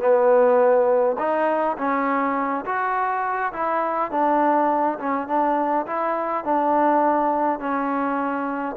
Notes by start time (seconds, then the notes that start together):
0.00 B3
1.19 D#4
1.77 C#4
2.65 F#4
3.53 E4
4.11 D4
4.99 C#4
5.28 D4
5.86 E4
6.44 D4
7.60 C#4